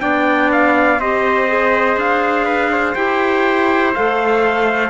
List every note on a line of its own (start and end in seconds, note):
0.00 0.99 B3
0.00 0.98 D4
0.00 1.00 D5
0.00 0.50 G5
0.52 1.00 F5
0.99 1.97 C4
0.99 1.48 G4
0.99 2.45 C5
0.99 1.99 D#5
1.48 2.95 G#4
1.97 2.95 D4
1.97 2.95 F5
2.45 2.70 B4
2.72 4.90 C5
2.95 3.94 E4
2.95 3.94 G4
2.95 3.93 G5
3.94 4.90 A3
3.94 4.90 A4
3.94 4.90 F5